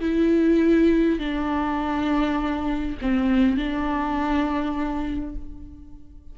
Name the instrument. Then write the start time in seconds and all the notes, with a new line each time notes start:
viola
0.00 E4
1.19 D4
3.01 C4
3.57 D4